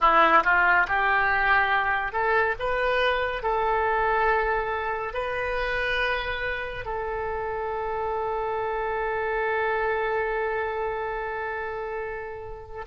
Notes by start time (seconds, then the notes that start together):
0.00 E4
0.44 F4
0.87 G4
2.12 A4
2.59 B4
3.42 A4
5.13 B4
6.85 A4